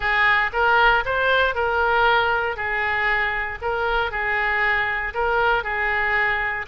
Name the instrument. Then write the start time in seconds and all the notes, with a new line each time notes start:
oboe
0.00 G#4
0.52 A#4
1.05 C5
1.55 A#4
2.56 G#4
3.61 A#4
4.11 G#4
5.14 A#4
5.63 G#4